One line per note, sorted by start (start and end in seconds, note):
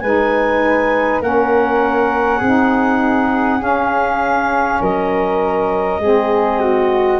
0.00 1.20 G#3
0.00 1.22 D#4
0.00 1.22 B4
0.00 1.20 G#5
1.20 2.40 A#3
1.20 2.42 C#4
1.20 2.38 A#4
1.20 3.62 F#5
2.38 3.60 C4
2.38 4.78 G#4
2.45 3.59 D#4
3.59 5.99 C#4
3.59 4.79 C#4
3.59 4.82 F5
4.80 5.99 F#3
4.80 6.00 A#4
4.80 7.19 D#5
5.99 7.19 G#3
5.99 7.19 C4
5.99 6.60 G#4
6.60 7.19 F#4